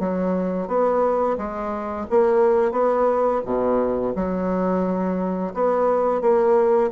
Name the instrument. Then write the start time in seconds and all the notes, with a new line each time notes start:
bassoon
0.00 F#3
0.68 B3
1.38 G#3
2.10 A#3
2.72 B3
3.45 B2
4.16 F#3
5.54 B3
6.22 A#3